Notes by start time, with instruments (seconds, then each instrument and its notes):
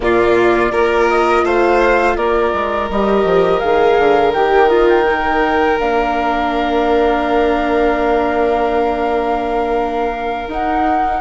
0.00 bassoon A#2, viola A#3, violin F4, flute D5
0.70 bassoon A#3, viola F4, violin A#4
1.09 flute D#5
1.43 bassoon A3, violin C5, flute F5
2.16 bassoon A#3, violin A#4, flute D5
2.53 bassoon G#3
2.90 bassoon G3, viola G4, flute D#5
3.24 bassoon F3
3.59 bassoon D#3, viola G#4, flute F5
3.98 bassoon D3
4.33 bassoon D#3, viola G4, flute G5
4.69 viola F4, flute D#5
4.88 flute G5
5.07 viola D#4
5.79 bassoon A#3, viola D4, flute F5
10.47 bassoon D#4, viola D#4, flute F#5